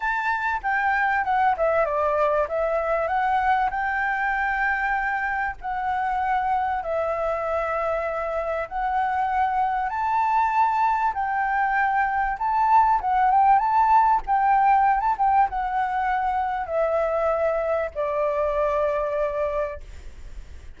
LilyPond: \new Staff \with { instrumentName = "flute" } { \time 4/4 \tempo 4 = 97 a''4 g''4 fis''8 e''8 d''4 | e''4 fis''4 g''2~ | g''4 fis''2 e''4~ | e''2 fis''2 |
a''2 g''2 | a''4 fis''8 g''8 a''4 g''4~ | g''16 a''16 g''8 fis''2 e''4~ | e''4 d''2. | }